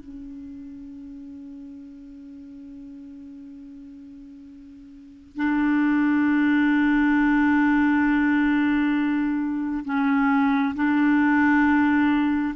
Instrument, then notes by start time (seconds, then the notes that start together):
clarinet
0.00 C#4
5.36 D4
9.85 C#4
10.75 D4